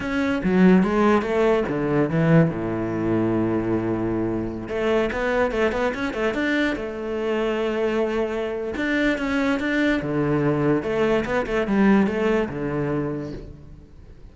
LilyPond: \new Staff \with { instrumentName = "cello" } { \time 4/4 \tempo 4 = 144 cis'4 fis4 gis4 a4 | d4 e4 a,2~ | a,2.~ a,16 a8.~ | a16 b4 a8 b8 cis'8 a8 d'8.~ |
d'16 a2.~ a8.~ | a4 d'4 cis'4 d'4 | d2 a4 b8 a8 | g4 a4 d2 | }